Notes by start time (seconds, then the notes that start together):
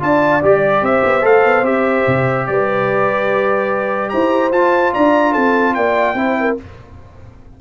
0.00 D4 F4 D5 A5
0.42 G3 G4 D5
0.82 C4 C5 E5
1.04 B3
1.22 A3 A4 F5
1.45 B3
1.62 C4 G4 E5
2.07 C3
2.47 G3 B4 D5
4.10 E4 C5 A#5
4.52 F4 A5
4.93 D4 D5 A#5
5.32 C4 A4 A5
5.74 A#3 D5 G5
6.14 C4 E4 C5
6.40 A#4